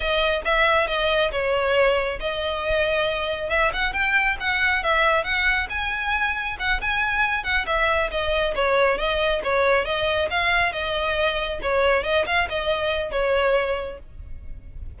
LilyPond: \new Staff \with { instrumentName = "violin" } { \time 4/4 \tempo 4 = 137 dis''4 e''4 dis''4 cis''4~ | cis''4 dis''2. | e''8 fis''8 g''4 fis''4 e''4 | fis''4 gis''2 fis''8 gis''8~ |
gis''4 fis''8 e''4 dis''4 cis''8~ | cis''8 dis''4 cis''4 dis''4 f''8~ | f''8 dis''2 cis''4 dis''8 | f''8 dis''4. cis''2 | }